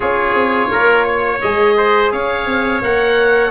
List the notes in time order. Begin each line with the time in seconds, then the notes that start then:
0.00 C#4 F4 G#4 C#5
0.34 C4
0.71 A#3 A#4
1.04 C#5
1.41 G#3 G#4 D#5
1.77 C5
2.11 C#4 C#5 F5
2.46 C4
2.81 A#3 A#4 F#5